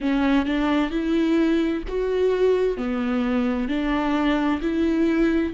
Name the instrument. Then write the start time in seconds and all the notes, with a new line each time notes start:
viola
0.00 C#4
0.45 D4
0.90 E4
1.88 F#4
2.77 B3
3.68 D4
4.62 E4